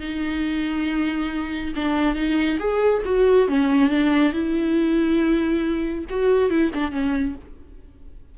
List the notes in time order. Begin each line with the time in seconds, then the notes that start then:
0.00 D#4
1.75 D4
2.15 D#4
2.59 G#4
3.05 F#4
3.48 C#4
3.89 D4
4.32 E4
6.09 F#4
6.49 E4
6.74 D4
6.91 C#4